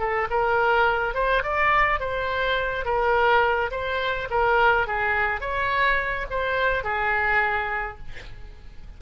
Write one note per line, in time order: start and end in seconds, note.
0.00 0.29 A4
0.31 1.15 A#4
1.15 1.43 C5
1.43 2.01 D5
2.01 2.85 C5
2.85 3.71 A#4
3.72 4.29 C5
4.31 4.88 A#4
4.88 5.41 G#4
5.41 6.27 C#5
6.31 6.84 C5
6.84 7.99 G#4